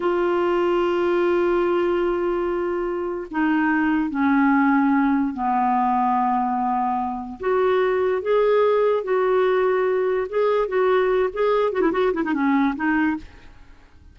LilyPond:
\new Staff \with { instrumentName = "clarinet" } { \time 4/4 \tempo 4 = 146 f'1~ | f'1 | dis'2 cis'2~ | cis'4 b2.~ |
b2 fis'2 | gis'2 fis'2~ | fis'4 gis'4 fis'4. gis'8~ | gis'8 fis'16 e'16 fis'8 e'16 dis'16 cis'4 dis'4 | }